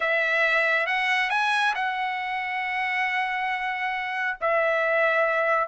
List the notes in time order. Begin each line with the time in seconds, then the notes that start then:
0.00 E5
0.86 F#5
1.30 G#5
1.74 F#5
4.40 E5